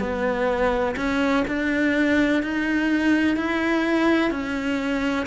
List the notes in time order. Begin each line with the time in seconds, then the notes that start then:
0.00 B3
0.96 C#4
1.48 D4
2.43 D#4
3.36 E4
4.31 C#4